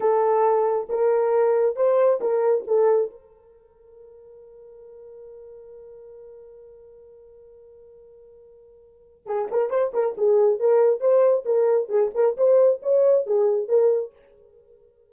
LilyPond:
\new Staff \with { instrumentName = "horn" } { \time 4/4 \tempo 4 = 136 a'2 ais'2 | c''4 ais'4 a'4 ais'4~ | ais'1~ | ais'1~ |
ais'1~ | ais'4 gis'8 ais'8 c''8 ais'8 gis'4 | ais'4 c''4 ais'4 gis'8 ais'8 | c''4 cis''4 gis'4 ais'4 | }